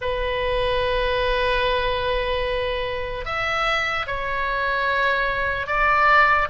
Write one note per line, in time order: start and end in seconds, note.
0.01 3.25 B4
3.25 4.06 E5
4.06 5.66 C#5
5.66 6.47 D5